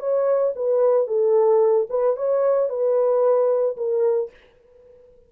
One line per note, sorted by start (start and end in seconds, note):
0.00 0.54 C#5
0.56 1.07 B4
1.07 1.88 A4
1.90 2.17 B4
2.17 2.70 C#5
2.70 3.77 B4
3.77 4.31 A#4